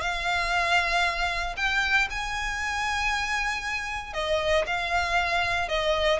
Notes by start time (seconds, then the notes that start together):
0.00 F5
1.56 G5
2.10 G#5
4.13 D#5
4.66 F5
5.68 D#5